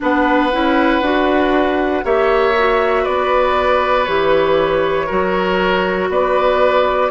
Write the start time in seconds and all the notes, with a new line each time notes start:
0.00 B3 D4 B4 F#5
0.52 C#4 E4
1.01 D4 F#4
2.03 A#3 G4 C#5 E5
2.57 F#4
3.03 B3 B4 D5
4.04 E3 G4 C#5
5.06 F#3 F#4 A#4
6.09 B3 B4 D5